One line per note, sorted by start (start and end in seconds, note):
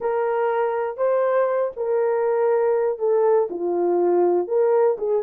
0.00 0.97 A#4
0.97 1.71 C5
1.76 2.98 A#4
2.98 3.48 A4
3.50 4.47 F4
4.47 4.97 A#4
4.97 5.22 G#4